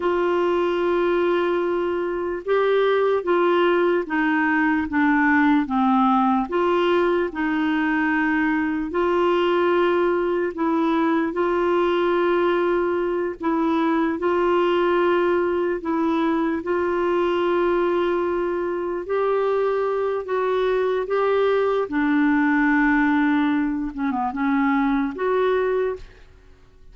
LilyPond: \new Staff \with { instrumentName = "clarinet" } { \time 4/4 \tempo 4 = 74 f'2. g'4 | f'4 dis'4 d'4 c'4 | f'4 dis'2 f'4~ | f'4 e'4 f'2~ |
f'8 e'4 f'2 e'8~ | e'8 f'2. g'8~ | g'4 fis'4 g'4 d'4~ | d'4. cis'16 b16 cis'4 fis'4 | }